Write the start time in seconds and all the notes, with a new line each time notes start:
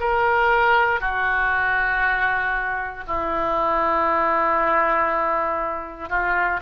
0.00 A#4
1.00 F#4
3.07 E4
6.09 F4